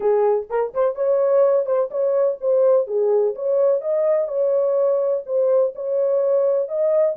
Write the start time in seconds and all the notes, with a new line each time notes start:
0.00 G#4
0.49 A#4
0.74 C5
0.95 C#5
1.65 C5
1.90 C#5
2.40 C5
2.87 G#4
3.35 C#5
3.81 D#5
4.27 C#5
5.26 C5
5.75 C#5
6.68 D#5